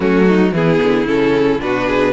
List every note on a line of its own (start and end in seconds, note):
0.00 0.52 F#3
0.00 0.52 A3
0.00 0.26 C#4
0.00 0.54 F#4
0.26 0.53 D#4
0.52 0.79 E3
0.52 1.06 B3
0.52 1.62 E4
0.52 1.07 G#4
0.82 1.06 D3
1.06 1.59 C#3
1.06 1.59 C#4
1.06 1.60 A4
1.59 2.13 B2
1.59 2.13 D4
1.59 1.86 F#4
1.59 2.13 B4
1.86 2.13 G#4